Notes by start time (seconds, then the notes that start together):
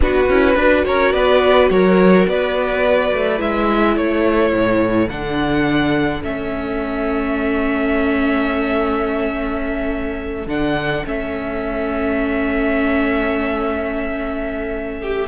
0.00 B3 D4 F#4 B4
0.29 C#4 E4
0.55 D4 F#4 B4
0.84 C#4 A#4 C#5
1.12 B3 B4 D5
1.70 F#3 A#4 C#5
2.27 B3 B4 D5
3.13 A3
3.37 G#3 E4 E5
3.96 A3 A4 C#5
4.52 A2
5.09 D3 D4 F#5
6.23 A3 C#4 E5
10.46 D3 D4 F#5
11.04 A3 C#4 E5
15.02 G4